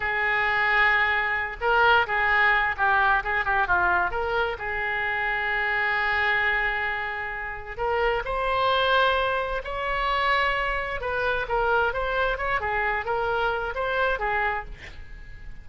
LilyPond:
\new Staff \with { instrumentName = "oboe" } { \time 4/4 \tempo 4 = 131 gis'2.~ gis'8 ais'8~ | ais'8 gis'4. g'4 gis'8 g'8 | f'4 ais'4 gis'2~ | gis'1~ |
gis'4 ais'4 c''2~ | c''4 cis''2. | b'4 ais'4 c''4 cis''8 gis'8~ | gis'8 ais'4. c''4 gis'4 | }